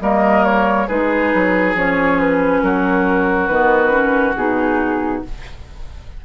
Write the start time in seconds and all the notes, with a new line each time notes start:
0.00 G3 A#3 A#4 D#5
0.44 C#5
0.87 G#3 D#4 G#4 B4
1.34 F#3
1.75 F3 C#4 C#5
2.19 B4
2.62 F#3 F#4 A#4
3.47 D#3 B3 B4
3.90 C#4
4.35 B2 D#4 G#4